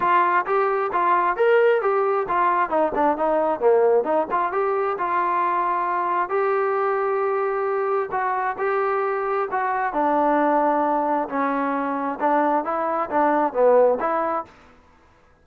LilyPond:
\new Staff \with { instrumentName = "trombone" } { \time 4/4 \tempo 4 = 133 f'4 g'4 f'4 ais'4 | g'4 f'4 dis'8 d'8 dis'4 | ais4 dis'8 f'8 g'4 f'4~ | f'2 g'2~ |
g'2 fis'4 g'4~ | g'4 fis'4 d'2~ | d'4 cis'2 d'4 | e'4 d'4 b4 e'4 | }